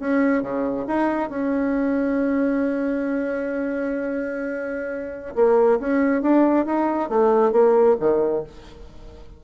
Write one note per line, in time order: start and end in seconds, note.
0.00 0.43 C#4
0.43 0.87 C#3
0.87 1.30 D#4
1.30 5.35 C#4
5.36 5.79 A#3
5.80 6.22 C#4
6.22 6.66 D4
6.66 7.10 D#4
7.10 7.52 A3
7.52 7.96 A#3
8.00 8.44 D#3